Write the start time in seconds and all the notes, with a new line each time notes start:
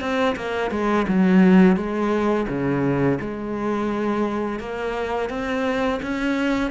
0.00 C4
0.36 A#3
0.71 G#3
1.08 F#3
1.76 G#3
2.48 C#3
3.21 G#3
4.59 A#3
5.29 C4
6.02 C#4